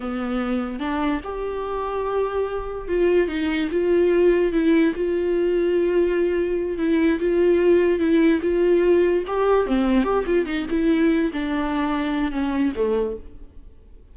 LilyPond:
\new Staff \with { instrumentName = "viola" } { \time 4/4 \tempo 4 = 146 b2 d'4 g'4~ | g'2. f'4 | dis'4 f'2 e'4 | f'1~ |
f'8 e'4 f'2 e'8~ | e'8 f'2 g'4 c'8~ | c'8 g'8 f'8 dis'8 e'4. d'8~ | d'2 cis'4 a4 | }